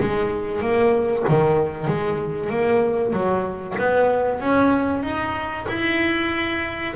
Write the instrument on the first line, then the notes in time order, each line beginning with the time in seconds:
double bass
0.00 G#3
0.61 A#3
1.29 D#3
1.88 G#3
2.50 A#3
3.13 F#3
3.78 B3
4.40 C#4
5.03 D#4
5.69 E4